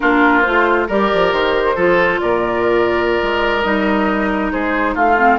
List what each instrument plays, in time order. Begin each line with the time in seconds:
0.00 bassoon A#3, clarinet D4, oboe F4, flute A#4
0.41 bassoon A3, clarinet F4, flute C5
0.87 bassoon G3, clarinet G4, oboe A#4, flute D5
1.13 bassoon F3
1.31 bassoon D#3, flute C5
1.75 bassoon F3, clarinet F4, oboe A4
2.20 bassoon A#2, oboe A#4, flute D5
3.22 bassoon G#3
3.62 bassoon G3, clarinet D#4, flute D#5
4.51 bassoon G#3, oboe G#4, flute C5
4.94 bassoon A3, oboe F4, flute F5
5.17 clarinet C4